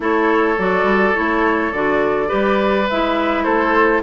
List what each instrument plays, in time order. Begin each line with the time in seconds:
0.00 bassoon A3, clarinet E4, oboe A4, flute C#5
0.58 bassoon F#3, clarinet F#4, flute D5
0.83 bassoon G3
1.14 bassoon A3, clarinet E4, flute C#5
1.72 bassoon D3, clarinet F#4, flute D5
2.26 bassoon G3, clarinet G4, oboe B4
2.89 bassoon G#3, clarinet E4, flute E5
3.43 bassoon A3, oboe A4, flute C5